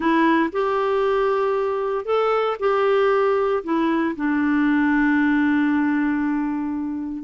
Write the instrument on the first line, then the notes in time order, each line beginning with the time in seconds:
clarinet
0.00 E4
0.52 G4
2.05 A4
2.59 G4
3.63 E4
4.16 D4